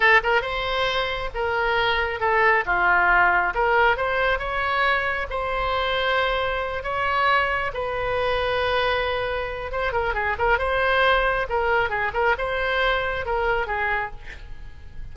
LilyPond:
\new Staff \with { instrumentName = "oboe" } { \time 4/4 \tempo 4 = 136 a'8 ais'8 c''2 ais'4~ | ais'4 a'4 f'2 | ais'4 c''4 cis''2 | c''2.~ c''8 cis''8~ |
cis''4. b'2~ b'8~ | b'2 c''8 ais'8 gis'8 ais'8 | c''2 ais'4 gis'8 ais'8 | c''2 ais'4 gis'4 | }